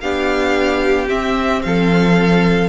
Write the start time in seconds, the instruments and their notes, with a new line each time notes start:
0.00 cello B3, viola D4, violin G4 F5
1.07 viola C4, cello C4, violin E5
1.62 cello F3, violin A4 F5